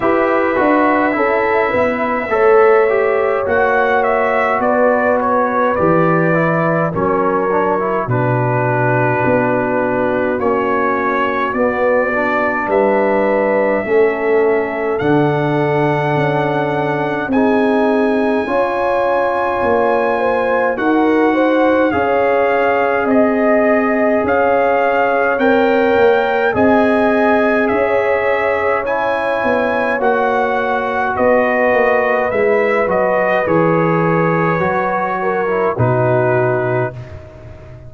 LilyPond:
<<
  \new Staff \with { instrumentName = "trumpet" } { \time 4/4 \tempo 4 = 52 e''2. fis''8 e''8 | d''8 cis''8 d''4 cis''4 b'4~ | b'4 cis''4 d''4 e''4~ | e''4 fis''2 gis''4~ |
gis''2 fis''4 f''4 | dis''4 f''4 g''4 gis''4 | e''4 gis''4 fis''4 dis''4 | e''8 dis''8 cis''2 b'4 | }
  \new Staff \with { instrumentName = "horn" } { \time 4/4 b'4 a'8 b'8 cis''2 | b'2 ais'4 fis'4~ | fis'2. b'4 | a'2. gis'4 |
cis''4. c''8 ais'8 c''8 cis''4 | dis''4 cis''2 dis''4 | cis''2. b'4~ | b'2~ b'8 ais'8 fis'4 | }
  \new Staff \with { instrumentName = "trombone" } { \time 4/4 g'8 fis'8 e'4 a'8 g'8 fis'4~ | fis'4 g'8 e'8 cis'8 d'16 e'16 d'4~ | d'4 cis'4 b8 d'4. | cis'4 d'2 dis'4 |
f'2 fis'4 gis'4~ | gis'2 ais'4 gis'4~ | gis'4 e'4 fis'2 | e'8 fis'8 gis'4 fis'8. e'16 dis'4 | }
  \new Staff \with { instrumentName = "tuba" } { \time 4/4 e'8 d'8 cis'8 b8 a4 ais4 | b4 e4 fis4 b,4 | b4 ais4 b4 g4 | a4 d4 cis'4 c'4 |
cis'4 ais4 dis'4 cis'4 | c'4 cis'4 c'8 ais8 c'4 | cis'4. b8 ais4 b8 ais8 | gis8 fis8 e4 fis4 b,4 | }
>>